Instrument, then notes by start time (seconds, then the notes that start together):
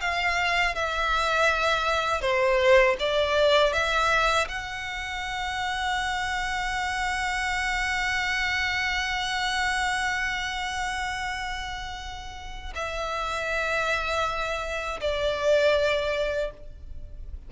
violin
0.00 F5
0.75 E5
2.21 C5
2.99 D5
3.73 E5
4.48 F#5
12.75 E5
15.00 D5